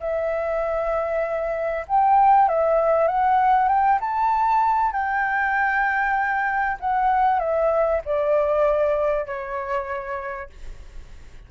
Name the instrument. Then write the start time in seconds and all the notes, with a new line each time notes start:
flute
0.00 E5
1.87 G5
2.48 E5
3.07 F#5
3.68 G5
4.00 A5
4.92 G5
6.80 F#5
7.39 E5
8.05 D5
9.26 C#5